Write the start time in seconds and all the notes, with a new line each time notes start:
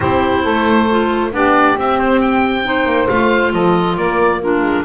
0.00 C4 E4 G4 C5
0.42 A3 A4
0.90 F4
1.31 B3 D4 G4 D5
1.76 C4 E5
1.98 C5
2.20 G5
2.63 D#4 C5
2.85 A#3
3.08 A3 F4 F5
3.52 F3 A4 D#5
3.96 A#3 A#4 D5
4.39 D4 F4 A#4
4.62 G#3